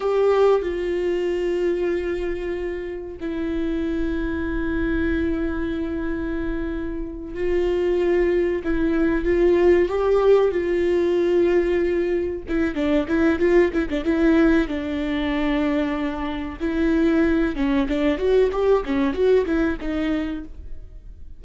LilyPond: \new Staff \with { instrumentName = "viola" } { \time 4/4 \tempo 4 = 94 g'4 f'2.~ | f'4 e'2.~ | e'2.~ e'8 f'8~ | f'4. e'4 f'4 g'8~ |
g'8 f'2. e'8 | d'8 e'8 f'8 e'16 d'16 e'4 d'4~ | d'2 e'4. cis'8 | d'8 fis'8 g'8 cis'8 fis'8 e'8 dis'4 | }